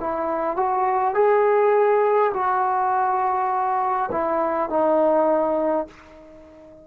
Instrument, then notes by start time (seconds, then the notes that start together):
trombone
0.00 E4
0.57 F#4
1.14 G#4
2.34 F#4
4.12 E4
4.70 D#4